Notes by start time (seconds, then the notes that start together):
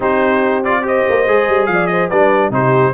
0.00 C4 D#4 G4 C5
0.64 F4 D5
0.82 G4 C5 D#5
1.08 A#3
1.27 G#3 G#4
1.48 G3
1.65 F3 F5
1.72 D5
1.87 C5 D#5
2.09 G3 D4 B4 D5
2.50 C3 D#4 G4 C5